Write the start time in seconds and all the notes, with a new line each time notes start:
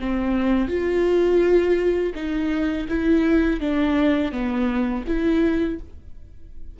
0.00 C4
0.68 F4
2.15 D#4
2.88 E4
3.60 D4
4.32 B3
5.07 E4